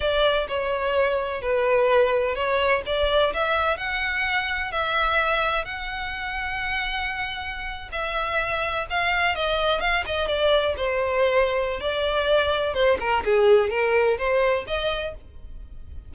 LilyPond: \new Staff \with { instrumentName = "violin" } { \time 4/4 \tempo 4 = 127 d''4 cis''2 b'4~ | b'4 cis''4 d''4 e''4 | fis''2 e''2 | fis''1~ |
fis''8. e''2 f''4 dis''16~ | dis''8. f''8 dis''8 d''4 c''4~ c''16~ | c''4 d''2 c''8 ais'8 | gis'4 ais'4 c''4 dis''4 | }